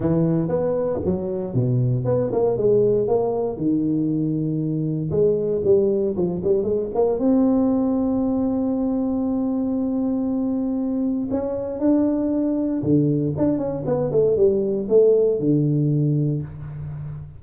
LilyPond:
\new Staff \with { instrumentName = "tuba" } { \time 4/4 \tempo 4 = 117 e4 b4 fis4 b,4 | b8 ais8 gis4 ais4 dis4~ | dis2 gis4 g4 | f8 g8 gis8 ais8 c'2~ |
c'1~ | c'2 cis'4 d'4~ | d'4 d4 d'8 cis'8 b8 a8 | g4 a4 d2 | }